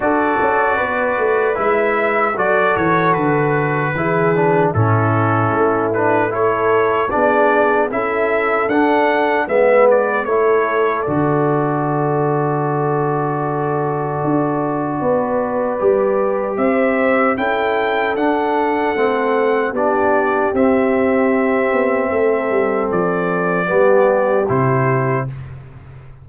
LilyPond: <<
  \new Staff \with { instrumentName = "trumpet" } { \time 4/4 \tempo 4 = 76 d''2 e''4 d''8 cis''8 | b'2 a'4. b'8 | cis''4 d''4 e''4 fis''4 | e''8 d''8 cis''4 d''2~ |
d''1~ | d''4 e''4 g''4 fis''4~ | fis''4 d''4 e''2~ | e''4 d''2 c''4 | }
  \new Staff \with { instrumentName = "horn" } { \time 4/4 a'4 b'2 a'4~ | a'4 gis'4 e'2 | a'4 gis'4 a'2 | b'4 a'2.~ |
a'2. b'4~ | b'4 c''4 a'2~ | a'4 g'2. | a'2 g'2 | }
  \new Staff \with { instrumentName = "trombone" } { \time 4/4 fis'2 e'4 fis'4~ | fis'4 e'8 d'8 cis'4. d'8 | e'4 d'4 e'4 d'4 | b4 e'4 fis'2~ |
fis'1 | g'2 e'4 d'4 | c'4 d'4 c'2~ | c'2 b4 e'4 | }
  \new Staff \with { instrumentName = "tuba" } { \time 4/4 d'8 cis'8 b8 a8 gis4 fis8 e8 | d4 e4 a,4 a4~ | a4 b4 cis'4 d'4 | gis4 a4 d2~ |
d2 d'4 b4 | g4 c'4 cis'4 d'4 | a4 b4 c'4. b8 | a8 g8 f4 g4 c4 | }
>>